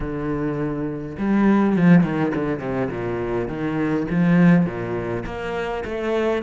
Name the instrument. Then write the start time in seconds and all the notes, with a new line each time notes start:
cello
0.00 D3
1.18 G3
1.76 F3
2.03 D#3
2.35 D3
2.59 C3
2.90 A#2
3.48 D#3
4.10 F3
4.65 A#2
5.25 A#3
5.84 A3